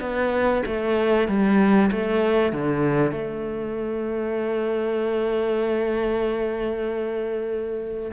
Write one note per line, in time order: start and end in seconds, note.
0.00 0.62 B3
0.66 1.28 A3
1.28 1.90 G3
1.91 2.52 A3
2.52 3.11 D3
3.11 8.11 A3